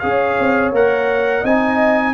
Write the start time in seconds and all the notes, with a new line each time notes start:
0.00 C#4 G#4 C#5 F5
0.40 C4
0.72 A#3 A#4 F#5
1.41 C4 D#4 D#5 G#5